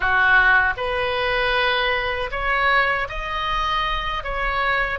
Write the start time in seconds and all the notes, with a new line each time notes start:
0.00 F#4
0.76 B4
2.31 C#5
3.08 D#5
4.23 C#5